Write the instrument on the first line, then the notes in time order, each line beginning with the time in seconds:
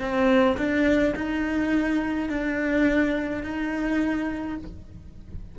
cello
0.00 C4
0.58 D4
1.16 D#4
2.30 D4
3.44 D#4